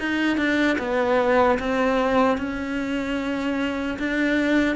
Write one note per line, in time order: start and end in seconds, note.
0.00 0.37 D#4
0.37 0.77 D4
0.79 1.59 B3
1.59 2.38 C4
2.38 3.98 C#4
3.99 4.76 D4